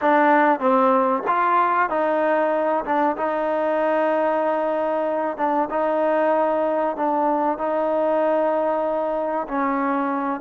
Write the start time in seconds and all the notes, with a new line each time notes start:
0.01 D4
0.59 C4
1.27 F4
1.89 D#4
2.84 D4
3.17 D#4
5.37 D4
5.70 D#4
6.96 D4
7.58 D#4
9.48 C#4